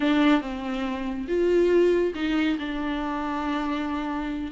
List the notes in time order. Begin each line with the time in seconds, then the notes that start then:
0.00 D4
0.41 C4
1.28 F4
2.14 D#4
2.58 D4